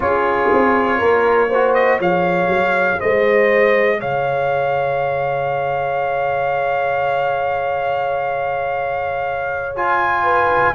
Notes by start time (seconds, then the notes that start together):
0.00 C#4 F4 G#4 C#5
0.52 C4
0.98 A#3 A#4
1.49 F#4 C5
1.74 D#5
1.97 F3 G#4 C#5 F5
2.47 F#3
2.99 G#3 C5 D#5
3.99 C#3 C#5 F5
9.76 F4 G#5
10.23 B4